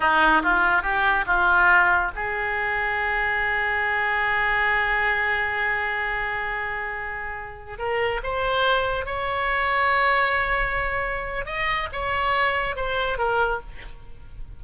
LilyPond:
\new Staff \with { instrumentName = "oboe" } { \time 4/4 \tempo 4 = 141 dis'4 f'4 g'4 f'4~ | f'4 gis'2.~ | gis'1~ | gis'1~ |
gis'2~ gis'16 ais'4 c''8.~ | c''4~ c''16 cis''2~ cis''8.~ | cis''2. dis''4 | cis''2 c''4 ais'4 | }